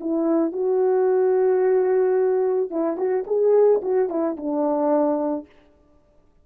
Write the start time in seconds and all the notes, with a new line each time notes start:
0.00 E4
0.52 F#4
2.70 E4
2.97 F#4
3.27 G#4
3.82 F#4
4.09 E4
4.37 D4